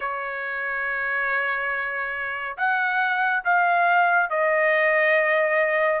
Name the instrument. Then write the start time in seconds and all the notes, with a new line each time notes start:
trumpet
0.00 C#5
2.57 F#5
3.44 F5
4.29 D#5